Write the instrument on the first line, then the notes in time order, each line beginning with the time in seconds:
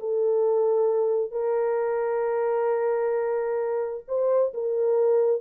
horn
0.00 A4
1.32 A#4
4.08 C5
4.54 A#4